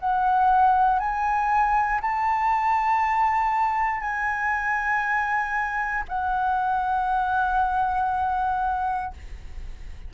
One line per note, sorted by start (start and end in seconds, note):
0.00 0.99 F#5
0.99 2.01 G#5
2.02 4.01 A5
4.01 6.04 G#5
6.09 9.14 F#5